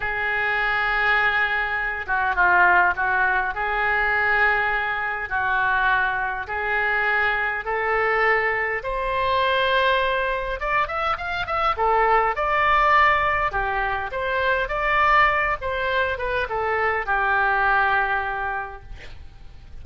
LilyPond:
\new Staff \with { instrumentName = "oboe" } { \time 4/4 \tempo 4 = 102 gis'2.~ gis'8 fis'8 | f'4 fis'4 gis'2~ | gis'4 fis'2 gis'4~ | gis'4 a'2 c''4~ |
c''2 d''8 e''8 f''8 e''8 | a'4 d''2 g'4 | c''4 d''4. c''4 b'8 | a'4 g'2. | }